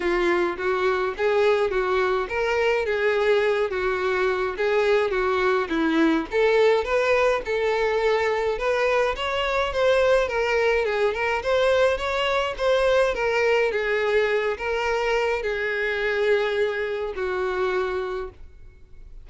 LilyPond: \new Staff \with { instrumentName = "violin" } { \time 4/4 \tempo 4 = 105 f'4 fis'4 gis'4 fis'4 | ais'4 gis'4. fis'4. | gis'4 fis'4 e'4 a'4 | b'4 a'2 b'4 |
cis''4 c''4 ais'4 gis'8 ais'8 | c''4 cis''4 c''4 ais'4 | gis'4. ais'4. gis'4~ | gis'2 fis'2 | }